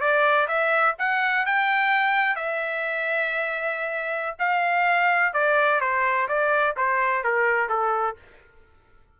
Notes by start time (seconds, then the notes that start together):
0.00 D5
0.48 E5
0.99 F#5
1.46 G5
2.36 E5
4.39 F5
5.33 D5
5.80 C5
6.28 D5
6.77 C5
7.24 A#4
7.69 A4